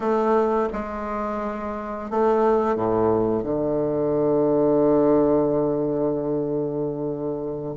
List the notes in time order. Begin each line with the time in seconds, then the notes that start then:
0.00 A3
0.72 G#3
2.10 A3
2.75 A2
3.43 D3